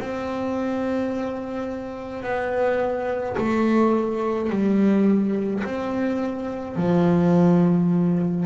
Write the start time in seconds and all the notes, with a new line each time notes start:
0.00 C4
2.23 B3
3.37 A3
4.50 G3
5.64 C4
6.76 F3